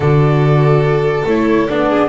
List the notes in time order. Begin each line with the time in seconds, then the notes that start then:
0.00 D3 F#4 A4 D5
1.25 A3 E4 C#5
1.68 B3 D4 D5
1.88 G#4